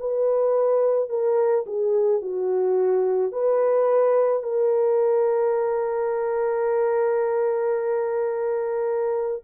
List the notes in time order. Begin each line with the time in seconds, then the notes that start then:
0.00 B4
1.10 A#4
1.67 G#4
2.22 F#4
3.32 B4
4.43 A#4